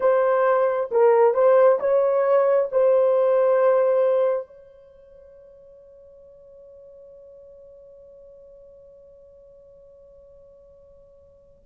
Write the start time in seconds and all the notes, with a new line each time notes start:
0.00 C5
0.91 A#4
1.34 C5
1.79 C#5
2.71 C5
4.47 C#5